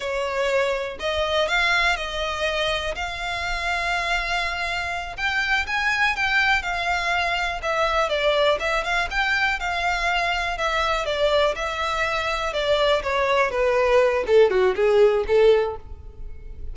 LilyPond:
\new Staff \with { instrumentName = "violin" } { \time 4/4 \tempo 4 = 122 cis''2 dis''4 f''4 | dis''2 f''2~ | f''2~ f''8 g''4 gis''8~ | gis''8 g''4 f''2 e''8~ |
e''8 d''4 e''8 f''8 g''4 f''8~ | f''4. e''4 d''4 e''8~ | e''4. d''4 cis''4 b'8~ | b'4 a'8 fis'8 gis'4 a'4 | }